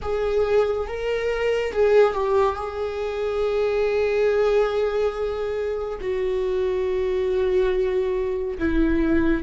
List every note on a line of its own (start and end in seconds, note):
0.02 0.87 G#4
0.87 1.72 A#4
1.72 2.13 G#4
2.13 2.55 G4
2.55 5.98 G#4
6.00 8.58 F#4
8.58 9.43 E4